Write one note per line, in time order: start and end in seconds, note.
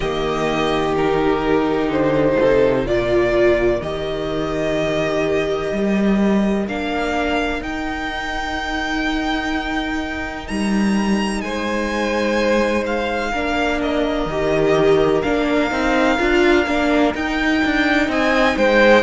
0.00 1.88 D#3
0.00 0.96 A#3
0.00 2.38 G4
0.00 0.95 D#5
0.96 2.86 D#4
0.96 1.91 A#4
1.88 2.35 D3
1.88 2.87 C5
2.40 2.84 C3
2.40 2.87 A4
2.84 3.80 A#2
2.84 3.81 F4
2.84 11.44 A#4
2.84 3.82 D5
3.81 5.71 D#3
3.81 6.68 G4
3.81 6.67 D#5
5.72 6.67 G3
6.67 7.61 A#3
6.67 7.61 D4
6.67 7.62 F5
7.61 10.46 D#4
7.61 13.33 D#4
7.61 10.47 G5
10.47 11.42 G3
10.47 11.41 A#5
11.41 13.32 G#3
11.41 13.31 C5
11.41 12.84 G#5
12.86 13.81 F5
13.31 14.26 A#3
13.31 14.28 D4
13.31 18.07 A#4
13.81 15.21 D#5
14.26 15.21 D#3
14.26 15.24 G4
15.21 15.71 A#3
15.21 15.70 D4
15.21 17.12 F5
15.70 16.18 C4
15.70 16.17 D#4
16.18 16.66 D4
16.18 16.66 F4
16.66 17.13 A#3
16.66 17.14 D4
17.14 19.03 D#4
17.14 17.62 D#4
17.14 18.10 G5
17.64 18.08 D4
18.08 18.55 C4
18.08 18.56 D#5
18.08 18.57 G#5
18.56 19.03 G#3
18.56 19.03 C5
18.56 19.03 G5